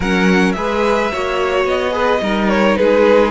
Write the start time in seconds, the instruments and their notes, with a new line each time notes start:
0.00 cello F#3, viola C#4, violin A#4 F#5
0.52 cello G#3, viola G#4, violin B4 E5
1.11 cello A#3, viola F#4, violin C#5
1.64 cello B3, violin D#5
1.91 viola G#4, violin B4
2.21 cello G3, viola D#4, violin A#4
2.49 violin C#5
2.75 cello G#3, violin G#4 B4